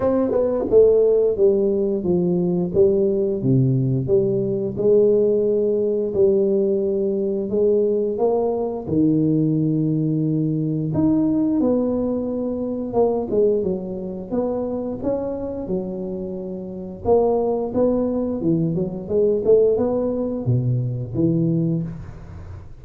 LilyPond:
\new Staff \with { instrumentName = "tuba" } { \time 4/4 \tempo 4 = 88 c'8 b8 a4 g4 f4 | g4 c4 g4 gis4~ | gis4 g2 gis4 | ais4 dis2. |
dis'4 b2 ais8 gis8 | fis4 b4 cis'4 fis4~ | fis4 ais4 b4 e8 fis8 | gis8 a8 b4 b,4 e4 | }